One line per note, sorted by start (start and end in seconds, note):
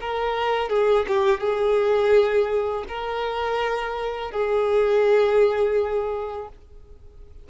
0.00 0.69 A#4
0.69 1.05 G#4
1.07 1.40 G4
1.40 2.85 G#4
2.88 4.31 A#4
4.31 6.48 G#4